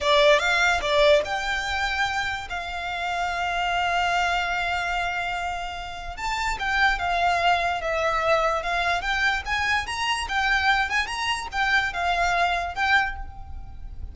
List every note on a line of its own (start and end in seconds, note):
0.01 0.39 D5
0.39 0.80 F5
0.81 1.22 D5
1.24 2.48 G5
2.49 6.16 F5
6.16 6.58 A5
6.59 6.98 G5
6.98 7.81 F5
7.81 8.62 E5
8.62 9.01 F5
9.01 9.42 G5
9.45 9.86 G#5
9.86 10.27 A#5
10.28 10.89 G5
10.89 11.06 G#5
11.06 11.47 A#5
11.52 11.93 G5
11.93 12.74 F5
12.74 13.15 G5